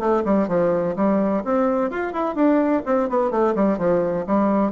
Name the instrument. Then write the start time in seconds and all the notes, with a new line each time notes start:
bassoon
0.00 A3
0.25 G3
0.49 F3
0.96 G3
1.45 C4
1.91 F4
2.13 E4
2.36 D4
2.86 C4
3.09 B3
3.31 A3
3.56 G3
3.79 F3
4.27 G3